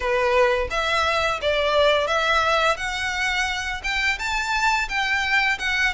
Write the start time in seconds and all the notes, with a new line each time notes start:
0.00 B4
0.70 E5
1.41 D5
2.07 E5
2.77 F#5
3.83 G5
4.18 A5
4.88 G5
5.58 F#5